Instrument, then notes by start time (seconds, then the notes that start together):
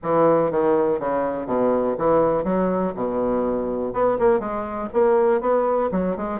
bassoon
0.02 E3
0.51 D#3
0.99 C#3
1.46 B2
1.98 E3
2.43 F#3
2.95 B2
3.93 B3
4.18 A#3
4.39 G#3
4.93 A#3
5.41 B3
5.91 F#3
6.16 G#3